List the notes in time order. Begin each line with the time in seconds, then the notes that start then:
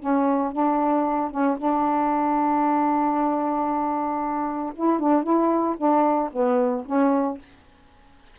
0.00 C#4
0.52 D4
1.31 C#4
1.58 D4
4.76 E4
5.00 D4
5.23 E4
5.78 D4
6.32 B3
6.86 C#4